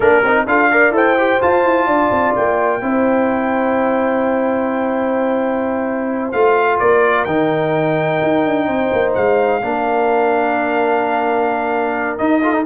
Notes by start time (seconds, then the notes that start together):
0.00 A#3 D4 A#4
0.23 C4 D#4
0.46 D4 F4 A4 F5
0.71 A#4 D5
0.90 E4 A4 C5 G5
1.17 G4
1.41 F4 A5
1.63 E4
1.86 D4 D5
2.10 C4
2.35 A#3 G5
2.81 C4 E4 C5
6.31 A3 F4 F5
6.79 A#3 A#4 D5
7.24 D#3 D#4 G5
8.23 D#4
8.45 D4
8.67 C4 C5
8.92 A#3
9.14 G#3 F5
9.61 A#3 D4 A#4
12.18 D#4 D#5
12.42 F4 A4
12.53 D#4